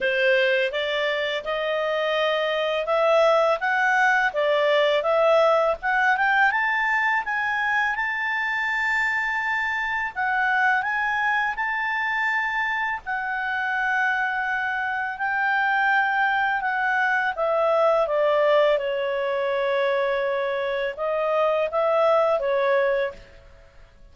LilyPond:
\new Staff \with { instrumentName = "clarinet" } { \time 4/4 \tempo 4 = 83 c''4 d''4 dis''2 | e''4 fis''4 d''4 e''4 | fis''8 g''8 a''4 gis''4 a''4~ | a''2 fis''4 gis''4 |
a''2 fis''2~ | fis''4 g''2 fis''4 | e''4 d''4 cis''2~ | cis''4 dis''4 e''4 cis''4 | }